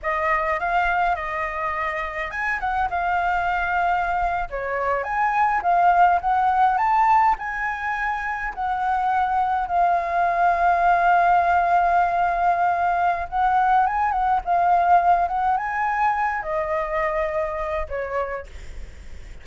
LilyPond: \new Staff \with { instrumentName = "flute" } { \time 4/4 \tempo 4 = 104 dis''4 f''4 dis''2 | gis''8 fis''8 f''2~ f''8. cis''16~ | cis''8. gis''4 f''4 fis''4 a''16~ | a''8. gis''2 fis''4~ fis''16~ |
fis''8. f''2.~ f''16~ | f''2. fis''4 | gis''8 fis''8 f''4. fis''8 gis''4~ | gis''8 dis''2~ dis''8 cis''4 | }